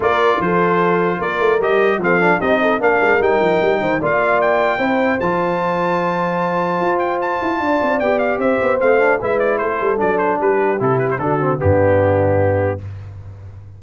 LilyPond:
<<
  \new Staff \with { instrumentName = "trumpet" } { \time 4/4 \tempo 4 = 150 d''4 c''2 d''4 | dis''4 f''4 dis''4 f''4 | g''2 f''4 g''4~ | g''4 a''2.~ |
a''4. g''8 a''2 | g''8 f''8 e''4 f''4 e''8 d''8 | c''4 d''8 c''8 b'4 a'8 b'16 c''16 | a'4 g'2. | }
  \new Staff \with { instrumentName = "horn" } { \time 4/4 ais'4 a'2 ais'4~ | ais'4 a'4 g'8 a'8 ais'4~ | ais'4. c''8 d''2 | c''1~ |
c''2. d''4~ | d''4 c''2 b'4 | a'2 g'2 | fis'4 d'2. | }
  \new Staff \with { instrumentName = "trombone" } { \time 4/4 f'1 | g'4 c'8 d'8 dis'4 d'4 | dis'2 f'2 | e'4 f'2.~ |
f'1 | g'2 c'8 d'8 e'4~ | e'4 d'2 e'4 | d'8 c'8 b2. | }
  \new Staff \with { instrumentName = "tuba" } { \time 4/4 ais4 f2 ais8 a8 | g4 f4 c'4 ais8 gis8 | g8 f8 g8 dis8 ais2 | c'4 f2.~ |
f4 f'4. e'8 d'8 c'8 | b4 c'8 b8 a4 gis4 | a8 g8 fis4 g4 c4 | d4 g,2. | }
>>